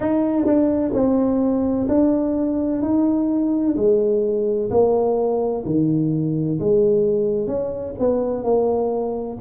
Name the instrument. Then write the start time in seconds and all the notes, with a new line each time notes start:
tuba
0.00 D#4
0.45 D4
0.93 C4
1.88 D4
2.82 D#4
3.76 G#3
4.70 A#3
5.65 D#3
6.59 G#3
7.47 C#4
7.99 B3
8.44 A#3